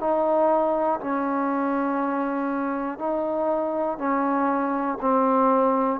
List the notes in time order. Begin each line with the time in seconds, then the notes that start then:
0.00 D#4
1.00 C#4
2.99 D#4
3.98 C#4
5.01 C4